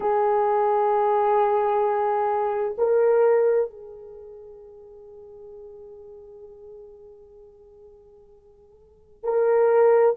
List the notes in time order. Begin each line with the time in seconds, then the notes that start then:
0.00 G#4
2.78 A#4
3.70 G#4
9.23 A#4